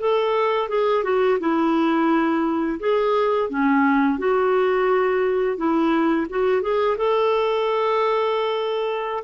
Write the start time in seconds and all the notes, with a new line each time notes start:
0.00 A4
0.69 G#4
1.04 F#4
1.40 E4
2.80 G#4
3.50 C#4
4.19 F#4
5.58 E4
6.30 F#4
6.62 G#4
6.98 A4